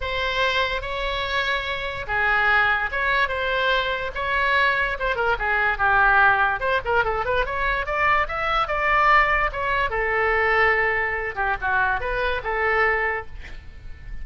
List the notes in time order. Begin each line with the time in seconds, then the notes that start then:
0.00 C5
0.81 C#5
2.07 G#4
2.91 C#5
3.28 C5
4.15 C#5
4.99 C5
5.15 A#4
5.38 G#4
5.77 G4
6.60 C5
6.84 A#4
7.04 A4
7.25 B4
7.45 C#5
7.86 D5
8.28 E5
8.67 D5
9.52 C#5
9.90 A4
11.35 G4
11.61 F#4
12.00 B4
12.43 A4